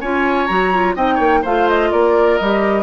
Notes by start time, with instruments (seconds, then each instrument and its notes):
0.00 bassoon C#4, clarinet F4, oboe C#5, flute G#5
0.46 bassoon F#3, clarinet F#4, flute A#5
0.73 clarinet F4
0.95 bassoon C4, clarinet D#4, oboe D#5, flute G5
1.14 bassoon A#3, oboe C#5
1.42 bassoon A3, clarinet F4, oboe C5, flute F5
1.69 flute D#5
1.91 bassoon A#3, oboe A#4, flute D5
2.37 bassoon G3, clarinet G4, flute D#5